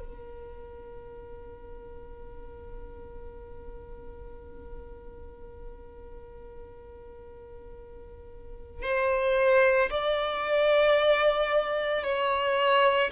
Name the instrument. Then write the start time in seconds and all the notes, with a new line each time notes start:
violin
0.00 A#4
8.83 C5
9.90 D5
12.03 C#5